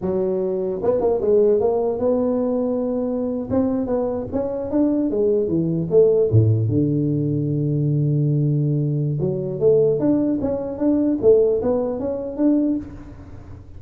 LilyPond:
\new Staff \with { instrumentName = "tuba" } { \time 4/4 \tempo 4 = 150 fis2 b8 ais8 gis4 | ais4 b2.~ | b8. c'4 b4 cis'4 d'16~ | d'8. gis4 e4 a4 a,16~ |
a,8. d2.~ d16~ | d2. fis4 | a4 d'4 cis'4 d'4 | a4 b4 cis'4 d'4 | }